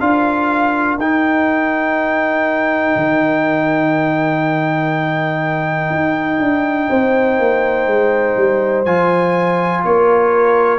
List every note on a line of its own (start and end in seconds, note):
0.00 0.98 D4
0.00 0.99 F4
0.00 6.89 A#4
0.00 0.99 F5
0.98 2.94 D#4
0.98 8.86 D#4
0.98 8.85 G5
2.96 5.90 D#3
5.90 6.39 D#4
6.40 6.89 D4
6.90 7.39 C4
6.90 9.85 C5
7.39 7.86 A#3
7.86 8.35 G#3
8.36 8.85 G3
8.85 9.84 F3
8.85 10.79 F4
8.85 9.83 G#5
9.84 10.79 A#3
9.84 10.79 A#4
9.84 10.79 C#5